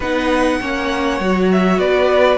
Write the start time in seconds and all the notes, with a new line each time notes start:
0.00 B3 D#4 B4 F#5
0.60 A#3 C#4 C#5
1.20 F#3 F#4
1.52 E5
1.78 B3 B4 D5